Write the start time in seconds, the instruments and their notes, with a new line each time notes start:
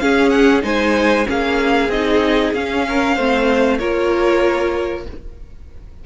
0.00 viola C#4, cello C#4, violin G#4 F5
0.30 violin F#5
0.62 cello G#3, viola D#4, violin C5 G#5
1.26 cello A#3, viola C#4, violin G#4 F5
1.89 cello C4, viola D#4, violin D#5
2.54 cello C#4, viola C#4, violin F5
2.89 violin A#4
3.16 cello A3, viola C4, violin C5
3.79 cello A#3, viola F4, violin A#4 C#5